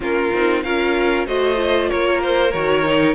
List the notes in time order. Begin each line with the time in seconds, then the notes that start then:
0.00 A#3 C#4 F4 A#4
0.32 C4 D#4
0.63 C#4 F4 A#4 F5
1.26 A3 F#4 C5 D#5
1.55 F4
1.89 A#3 A#4 C#5
2.22 C5
2.51 D#3 F#4 C#5
2.83 D#4